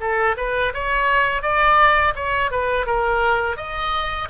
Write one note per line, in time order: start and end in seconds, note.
0.00 0.36 A4
0.37 0.73 B4
0.74 1.42 C#5
1.42 2.13 D5
2.15 2.51 C#5
2.51 2.86 B4
2.86 3.56 A#4
3.56 4.28 D#5